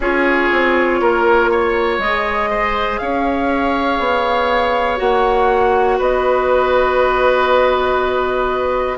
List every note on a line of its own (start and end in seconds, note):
0.00 0.49 C#4
0.00 2.01 F4
0.00 1.00 G#4
0.00 2.01 C#5
0.52 1.00 C4
1.00 1.98 A#3
1.00 1.50 A#4
1.50 2.50 C#5
1.98 2.98 G#3
1.98 4.96 G#4
1.98 2.98 D#5
2.50 3.00 C5
2.98 3.99 C#4
2.98 5.98 C#5
2.98 4.98 F5
3.99 4.99 B3
4.96 5.99 A#3
4.96 8.96 F#4
4.96 5.98 F#5
5.98 8.97 B3
5.98 8.97 B4
5.98 8.97 D#5